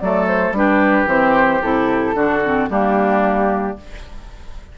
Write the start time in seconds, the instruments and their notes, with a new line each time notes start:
0.00 bassoon F#3, clarinet A3, oboe A4, flute D5
0.28 flute C5
0.52 bassoon G3, clarinet D4, oboe G4, flute B4
1.07 bassoon E3, clarinet C4, flute C5
1.63 bassoon C3, clarinet E4, flute A4
2.15 bassoon D3, clarinet D4, oboe F#4
2.45 clarinet C4
2.70 bassoon G3, clarinet A#3, oboe D4, flute G4